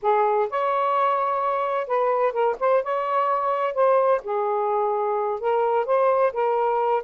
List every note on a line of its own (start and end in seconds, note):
0.02 0.49 G#4
0.50 1.87 C#5
1.87 2.32 B4
2.32 2.55 A#4
2.59 2.83 C5
2.83 3.74 C#5
3.74 4.21 C5
4.23 5.39 G#4
5.39 5.85 A#4
5.85 6.32 C5
6.33 7.03 A#4